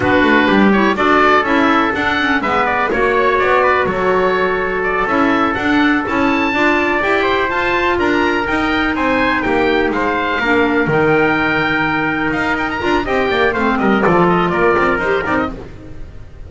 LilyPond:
<<
  \new Staff \with { instrumentName = "oboe" } { \time 4/4 \tempo 4 = 124 b'4. cis''8 d''4 e''4 | fis''4 e''8 d''8 cis''4 d''4 | cis''2 d''8 e''4 fis''8~ | fis''8 a''2 g''4 a''8~ |
a''8 ais''4 g''4 gis''4 g''8~ | g''8 f''2 g''4.~ | g''4. f''8 g''16 ais''8. g''4 | f''8 dis''8 d''8 dis''8 d''4 c''8 d''16 dis''16 | }
  \new Staff \with { instrumentName = "trumpet" } { \time 4/4 fis'4 g'4 a'2~ | a'4 b'4 cis''4. b'8 | a'1~ | a'4. d''4. c''4~ |
c''8 ais'2 c''4 g'8~ | g'8 c''4 ais'2~ ais'8~ | ais'2. dis''8 d''8 | c''8 ais'8 a'4 ais'2 | }
  \new Staff \with { instrumentName = "clarinet" } { \time 4/4 d'4. e'8 fis'4 e'4 | d'8 cis'8 b4 fis'2~ | fis'2~ fis'8 e'4 d'8~ | d'8 e'4 f'4 g'4 f'8~ |
f'4. dis'2~ dis'8~ | dis'4. d'4 dis'4.~ | dis'2~ dis'8 f'8 g'4 | c'4 f'2 g'8 dis'8 | }
  \new Staff \with { instrumentName = "double bass" } { \time 4/4 b8 a8 g4 d'4 cis'4 | d'4 gis4 ais4 b4 | fis2~ fis8 cis'4 d'8~ | d'8 cis'4 d'4 e'4 f'8~ |
f'8 d'4 dis'4 c'4 ais8~ | ais8 gis4 ais4 dis4.~ | dis4. dis'4 d'8 c'8 ais8 | a8 g8 f4 ais8 c'8 dis'8 c'8 | }
>>